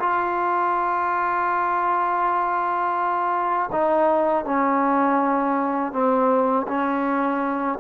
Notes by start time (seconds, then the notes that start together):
0.00 F4
3.73 D#4
4.45 C#4
5.93 C4
6.68 C#4